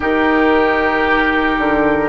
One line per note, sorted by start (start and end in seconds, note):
0.00 1.57 D#3
0.00 2.08 D#4
0.00 2.08 G4
0.00 2.08 A#4
1.57 2.08 D3